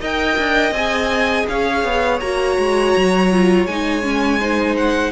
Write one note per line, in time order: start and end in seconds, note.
0.00 0.37 D#4
0.00 0.74 A#4
0.00 1.46 D#5
0.00 0.73 G5
0.38 0.71 D4
0.71 1.44 C4
0.71 2.21 G#4
0.71 1.46 G#5
1.48 1.84 C#4
1.48 4.40 C#5
1.48 2.20 F5
1.84 2.20 B3
2.20 2.57 A#3
2.20 3.31 F#4
2.20 3.66 A#5
2.58 2.94 G#3
2.96 3.65 F#3
3.31 3.68 F4
3.65 5.12 G#3
3.65 4.02 D#4
3.65 4.76 G#5
4.02 4.39 C#4
4.40 5.12 D#4
4.40 5.12 C5
4.76 5.12 F#5